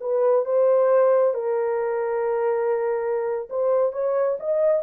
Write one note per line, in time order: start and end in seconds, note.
0.00 0.45 B4
0.45 1.33 C5
1.33 3.48 A#4
3.49 3.92 C5
3.92 4.37 C#5
4.39 4.82 D#5